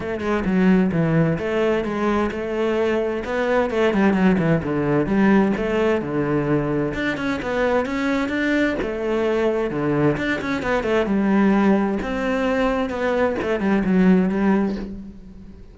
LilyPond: \new Staff \with { instrumentName = "cello" } { \time 4/4 \tempo 4 = 130 a8 gis8 fis4 e4 a4 | gis4 a2 b4 | a8 g8 fis8 e8 d4 g4 | a4 d2 d'8 cis'8 |
b4 cis'4 d'4 a4~ | a4 d4 d'8 cis'8 b8 a8 | g2 c'2 | b4 a8 g8 fis4 g4 | }